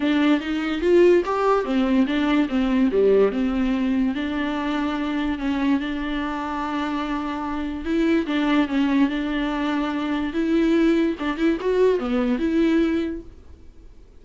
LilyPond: \new Staff \with { instrumentName = "viola" } { \time 4/4 \tempo 4 = 145 d'4 dis'4 f'4 g'4 | c'4 d'4 c'4 g4 | c'2 d'2~ | d'4 cis'4 d'2~ |
d'2. e'4 | d'4 cis'4 d'2~ | d'4 e'2 d'8 e'8 | fis'4 b4 e'2 | }